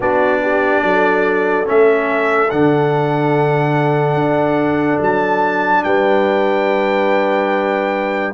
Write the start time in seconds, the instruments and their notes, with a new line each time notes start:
0.00 tuba B3, trombone D4, horn F#4, trumpet D5
0.42 horn G4
0.82 tuba F#3, horn A4
1.65 tuba A3, trombone C#4, trumpet E5
2.50 tuba D3, trombone D4, trumpet F#5
4.14 tuba D4
5.00 tuba F#3, trumpet A5
5.83 tuba G3, horn B4, trumpet G5